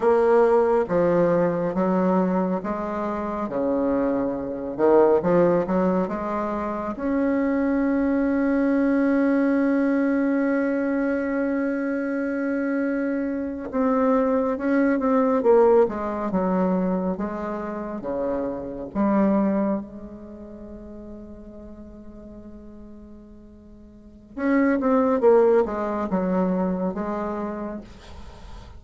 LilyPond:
\new Staff \with { instrumentName = "bassoon" } { \time 4/4 \tempo 4 = 69 ais4 f4 fis4 gis4 | cis4. dis8 f8 fis8 gis4 | cis'1~ | cis'2.~ cis'8. c'16~ |
c'8. cis'8 c'8 ais8 gis8 fis4 gis16~ | gis8. cis4 g4 gis4~ gis16~ | gis1 | cis'8 c'8 ais8 gis8 fis4 gis4 | }